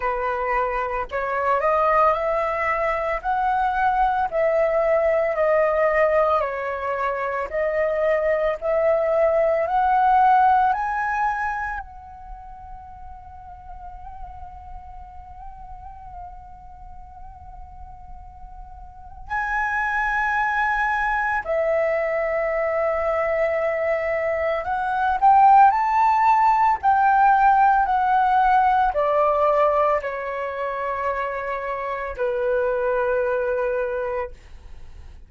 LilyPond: \new Staff \with { instrumentName = "flute" } { \time 4/4 \tempo 4 = 56 b'4 cis''8 dis''8 e''4 fis''4 | e''4 dis''4 cis''4 dis''4 | e''4 fis''4 gis''4 fis''4~ | fis''1~ |
fis''2 gis''2 | e''2. fis''8 g''8 | a''4 g''4 fis''4 d''4 | cis''2 b'2 | }